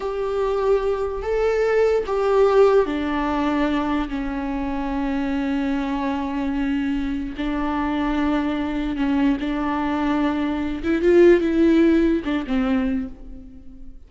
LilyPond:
\new Staff \with { instrumentName = "viola" } { \time 4/4 \tempo 4 = 147 g'2. a'4~ | a'4 g'2 d'4~ | d'2 cis'2~ | cis'1~ |
cis'2 d'2~ | d'2 cis'4 d'4~ | d'2~ d'8 e'8 f'4 | e'2 d'8 c'4. | }